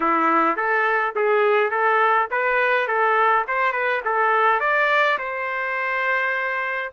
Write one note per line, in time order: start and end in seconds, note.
0.00 0.56 E4
0.56 1.14 A4
1.15 1.70 G#4
1.70 2.28 A4
2.30 2.87 B4
2.87 3.45 A4
3.47 3.72 C5
3.72 4.01 B4
4.05 4.60 A4
4.60 5.17 D5
5.18 6.91 C5